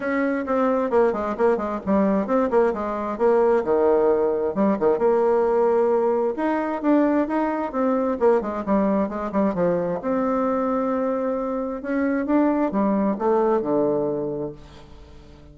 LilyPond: \new Staff \with { instrumentName = "bassoon" } { \time 4/4 \tempo 4 = 132 cis'4 c'4 ais8 gis8 ais8 gis8 | g4 c'8 ais8 gis4 ais4 | dis2 g8 dis8 ais4~ | ais2 dis'4 d'4 |
dis'4 c'4 ais8 gis8 g4 | gis8 g8 f4 c'2~ | c'2 cis'4 d'4 | g4 a4 d2 | }